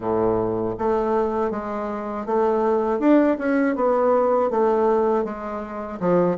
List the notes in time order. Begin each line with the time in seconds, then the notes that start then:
0.00 A2
0.78 A3
1.50 G#3
2.26 A3
2.99 D4
3.38 C#4
3.75 B3
4.50 A3
5.24 G#3
6.00 F3